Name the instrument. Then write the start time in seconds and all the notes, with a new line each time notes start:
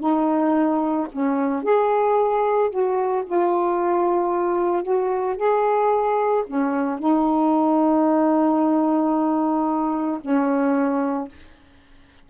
saxophone
0.00 D#4
1.12 C#4
1.63 G#4
2.70 F#4
3.26 F4
4.83 F#4
5.37 G#4
6.47 C#4
6.99 D#4
10.21 C#4